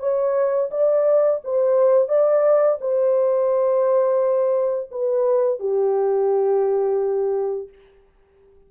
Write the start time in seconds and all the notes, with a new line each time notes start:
0.00 C#5
0.71 D5
1.44 C5
2.09 D5
2.81 C5
4.91 B4
5.60 G4